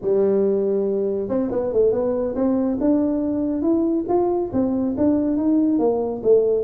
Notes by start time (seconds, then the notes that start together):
0.01 G3
1.29 C4
1.51 B3
1.73 A3
1.91 B3
2.35 C4
2.80 D4
3.61 E4
4.08 F4
4.52 C4
4.97 D4
5.36 D#4
5.78 A#3
6.23 A3